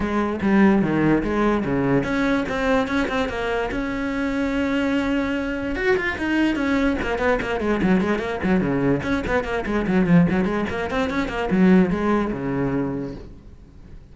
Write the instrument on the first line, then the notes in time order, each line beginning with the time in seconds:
cello
0.00 G#3
0.41 G3
0.81 D#3
1.23 G#3
1.65 C#3
2.03 C#4
2.48 C4
2.87 C#4
3.08 C4
3.28 A#3
3.71 C#4
5.75 F#4
5.96 F4
6.18 D#4
6.55 C#4
7.02 A#3
7.18 B3
7.41 A#3
7.60 G#3
7.82 F#3
8.01 G#3
8.19 A#3
8.43 F#3
8.60 C#3
9.02 C#4
9.27 B3
9.44 A#3
9.66 G#3
9.87 F#3
10.06 F3
10.30 F#3
10.44 G#3
10.69 A#3
10.90 C4
11.09 C#4
11.28 A#3
11.50 F#3
11.90 G#3
12.32 C#3